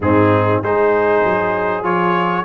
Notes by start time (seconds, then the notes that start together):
0.00 G#2 C4 D#4 G#4
0.62 G#3 D#4 G#4 C5
1.24 F#3
1.82 F3 F4 C#5